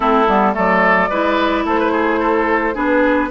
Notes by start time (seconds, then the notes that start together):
0.00 A3 C4 E4 A4
0.27 G3 B3
0.53 F#3 A3 A4 D5
1.09 G#3 E4 B4
1.64 A3 A4 C5
1.79 B4
1.92 G#4
2.19 A4
2.74 B3 D4 G#4 B4